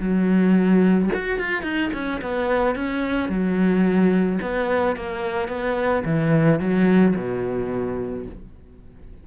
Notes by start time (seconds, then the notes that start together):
0.00 F#3
1.14 F#4
1.39 F4
1.63 D#4
1.94 C#4
2.22 B3
2.75 C#4
3.29 F#3
4.42 B3
4.96 A#3
5.48 B3
6.05 E3
6.60 F#3
7.16 B2